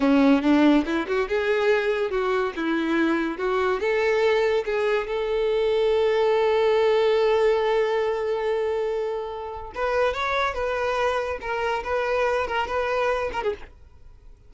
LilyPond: \new Staff \with { instrumentName = "violin" } { \time 4/4 \tempo 4 = 142 cis'4 d'4 e'8 fis'8 gis'4~ | gis'4 fis'4 e'2 | fis'4 a'2 gis'4 | a'1~ |
a'1~ | a'2. b'4 | cis''4 b'2 ais'4 | b'4. ais'8 b'4. ais'16 gis'16 | }